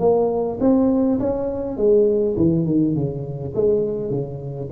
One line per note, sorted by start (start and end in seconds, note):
0.00 0.59 A#3
0.61 1.20 C4
1.20 1.78 C#4
1.78 2.36 G#3
2.37 2.66 E3
2.66 2.95 D#3
2.95 3.54 C#3
3.55 4.11 G#3
4.11 4.70 C#3